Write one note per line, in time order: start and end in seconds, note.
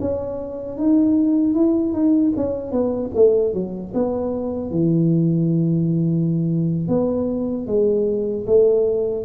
0.00 0.78 C#4
0.78 1.54 D#4
1.54 1.93 E4
1.93 2.32 D#4
2.36 2.71 C#4
2.71 3.11 B3
3.15 3.53 A3
3.53 3.93 F#3
3.94 4.70 B3
4.70 6.88 E3
6.88 7.67 B3
7.67 8.45 G#3
8.46 9.25 A3